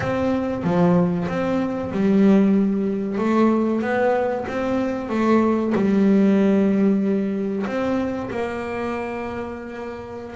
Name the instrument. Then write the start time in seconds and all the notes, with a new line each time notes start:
double bass
0.00 C4
0.63 F3
1.28 C4
1.91 G3
3.17 A3
3.81 B3
4.48 C4
5.09 A3
5.74 G3
7.66 C4
8.30 A#3